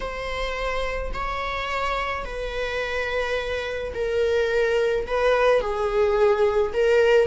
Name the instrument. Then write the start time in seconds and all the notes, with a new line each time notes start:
viola
0.00 C5
1.13 C#5
2.24 B4
3.94 A#4
5.06 B4
5.60 G#4
6.73 A#4